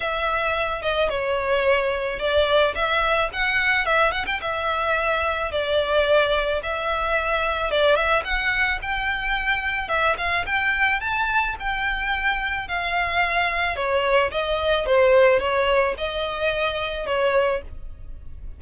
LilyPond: \new Staff \with { instrumentName = "violin" } { \time 4/4 \tempo 4 = 109 e''4. dis''8 cis''2 | d''4 e''4 fis''4 e''8 fis''16 g''16 | e''2 d''2 | e''2 d''8 e''8 fis''4 |
g''2 e''8 f''8 g''4 | a''4 g''2 f''4~ | f''4 cis''4 dis''4 c''4 | cis''4 dis''2 cis''4 | }